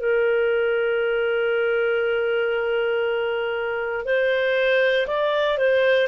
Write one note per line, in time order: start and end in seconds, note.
0.00 4.05 A#4
4.05 5.07 C5
5.07 5.57 D5
5.57 6.07 C5